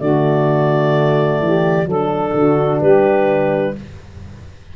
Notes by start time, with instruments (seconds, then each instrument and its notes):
0.00 tuba D3, horn A3, saxophone F#4, clarinet D5
1.41 tuba E3, saxophone G4
1.87 tuba F#3, horn D4, saxophone A4, clarinet A4
2.34 tuba D3, saxophone F#4
2.81 tuba G3, saxophone G4, clarinet B4